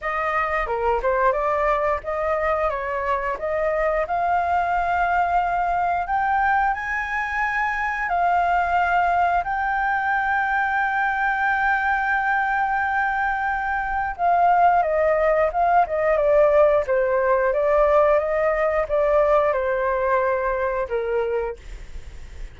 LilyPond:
\new Staff \with { instrumentName = "flute" } { \time 4/4 \tempo 4 = 89 dis''4 ais'8 c''8 d''4 dis''4 | cis''4 dis''4 f''2~ | f''4 g''4 gis''2 | f''2 g''2~ |
g''1~ | g''4 f''4 dis''4 f''8 dis''8 | d''4 c''4 d''4 dis''4 | d''4 c''2 ais'4 | }